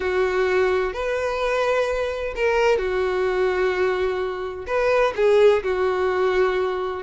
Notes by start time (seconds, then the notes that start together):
0.00 F#4
0.93 B4
2.35 A#4
2.78 F#4
4.66 B4
5.15 G#4
5.63 F#4